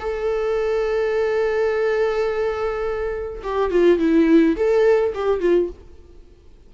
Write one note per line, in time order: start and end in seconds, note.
0.00 3.43 A4
3.44 3.71 G4
3.71 3.99 F4
3.99 4.56 E4
4.57 5.14 A4
5.15 5.41 G4
5.41 5.70 F4